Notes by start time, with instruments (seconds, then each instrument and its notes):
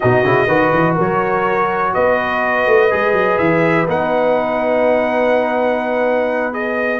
0.00 tuba B2, trombone D#4, horn F#4, trumpet D#5
0.24 tuba C#3, trombone E4
0.47 tuba D#3, trombone F#4, horn B4
0.73 tuba E3
0.95 tuba F#3, horn A#4, trumpet C#5
1.93 tuba B3, horn B4, trumpet D#5
2.66 tuba A3
2.90 tuba G#3, trombone G#4
3.12 tuba F#3
3.37 tuba E3, trumpet E5
3.88 tuba B3, trombone D#4, trumpet F#5
6.52 trombone G#4, trumpet D#5